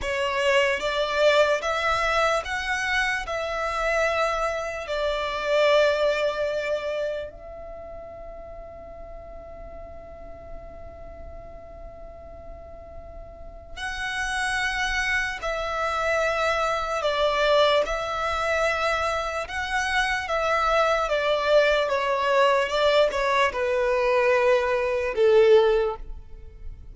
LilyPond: \new Staff \with { instrumentName = "violin" } { \time 4/4 \tempo 4 = 74 cis''4 d''4 e''4 fis''4 | e''2 d''2~ | d''4 e''2.~ | e''1~ |
e''4 fis''2 e''4~ | e''4 d''4 e''2 | fis''4 e''4 d''4 cis''4 | d''8 cis''8 b'2 a'4 | }